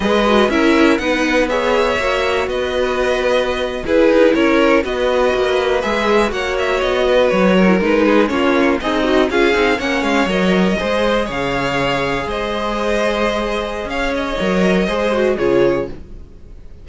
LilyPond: <<
  \new Staff \with { instrumentName = "violin" } { \time 4/4 \tempo 4 = 121 dis''4 e''4 fis''4 e''4~ | e''4 dis''2~ dis''8. b'16~ | b'8. cis''4 dis''2 e''16~ | e''8. fis''8 e''8 dis''4 cis''4 b'16~ |
b'8. cis''4 dis''4 f''4 fis''16~ | fis''16 f''8 dis''2 f''4~ f''16~ | f''8. dis''2.~ dis''16 | f''8 dis''2~ dis''8 cis''4 | }
  \new Staff \with { instrumentName = "violin" } { \time 4/4 b'4 ais'4 b'4 cis''4~ | cis''4 b'2~ b'8. gis'16~ | gis'8. ais'4 b'2~ b'16~ | b'8. cis''4. b'4 ais'8.~ |
ais'16 gis'8 f'4 dis'4 gis'4 cis''16~ | cis''4.~ cis''16 c''4 cis''4~ cis''16~ | cis''8. c''2.~ c''16 | cis''2 c''4 gis'4 | }
  \new Staff \with { instrumentName = "viola" } { \time 4/4 gis'8 fis'8 e'4 dis'4 gis'4 | fis'2.~ fis'8. e'16~ | e'4.~ e'16 fis'2 gis'16~ | gis'8. fis'2~ fis'8. e'16 dis'16~ |
dis'8. cis'4 gis'8 fis'8 f'8 dis'8 cis'16~ | cis'8. ais'4 gis'2~ gis'16~ | gis'1~ | gis'4 ais'4 gis'8 fis'8 f'4 | }
  \new Staff \with { instrumentName = "cello" } { \time 4/4 gis4 cis'4 b2 | ais4 b2~ b8. e'16~ | e'16 dis'8 cis'4 b4 ais4 gis16~ | gis8. ais4 b4 fis4 gis16~ |
gis8. ais4 c'4 cis'8 c'8 ais16~ | ais16 gis8 fis4 gis4 cis4~ cis16~ | cis8. gis2.~ gis16 | cis'4 fis4 gis4 cis4 | }
>>